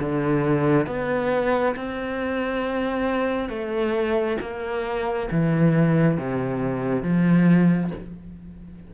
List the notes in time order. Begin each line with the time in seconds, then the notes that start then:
0.00 D3
0.87 B3
1.76 C4
3.49 A3
4.41 A#3
5.31 E3
6.18 C3
7.03 F3